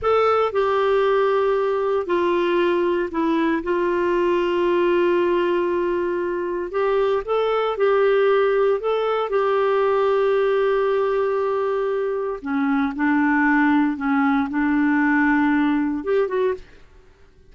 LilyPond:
\new Staff \with { instrumentName = "clarinet" } { \time 4/4 \tempo 4 = 116 a'4 g'2. | f'2 e'4 f'4~ | f'1~ | f'4 g'4 a'4 g'4~ |
g'4 a'4 g'2~ | g'1 | cis'4 d'2 cis'4 | d'2. g'8 fis'8 | }